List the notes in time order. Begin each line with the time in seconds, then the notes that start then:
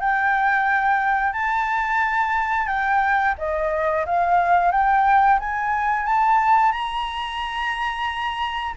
0.00 G5
1.33 A5
2.67 G5
3.38 D#5
4.06 F5
4.72 G5
5.39 G#5
6.06 A5
6.72 A#5